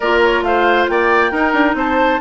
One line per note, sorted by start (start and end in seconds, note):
0.00 0.42 A#3
0.00 1.33 F4
0.00 0.44 A#4
0.00 0.21 D5
0.23 0.43 C#5
0.42 0.86 A3
0.42 0.90 C5
0.42 0.87 F5
0.88 1.31 A#3
0.88 1.31 D5
0.88 1.76 G5
1.31 1.53 D#4
1.31 2.21 D#4
1.31 1.75 A#4
1.53 1.74 D4
1.74 2.18 C4
1.74 2.21 C5
1.74 2.21 A5